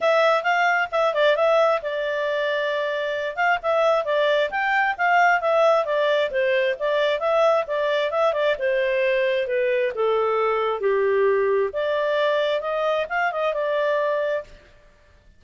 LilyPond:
\new Staff \with { instrumentName = "clarinet" } { \time 4/4 \tempo 4 = 133 e''4 f''4 e''8 d''8 e''4 | d''2.~ d''8 f''8 | e''4 d''4 g''4 f''4 | e''4 d''4 c''4 d''4 |
e''4 d''4 e''8 d''8 c''4~ | c''4 b'4 a'2 | g'2 d''2 | dis''4 f''8 dis''8 d''2 | }